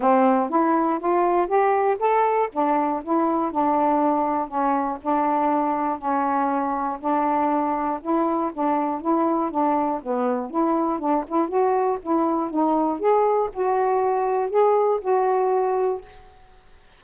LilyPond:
\new Staff \with { instrumentName = "saxophone" } { \time 4/4 \tempo 4 = 120 c'4 e'4 f'4 g'4 | a'4 d'4 e'4 d'4~ | d'4 cis'4 d'2 | cis'2 d'2 |
e'4 d'4 e'4 d'4 | b4 e'4 d'8 e'8 fis'4 | e'4 dis'4 gis'4 fis'4~ | fis'4 gis'4 fis'2 | }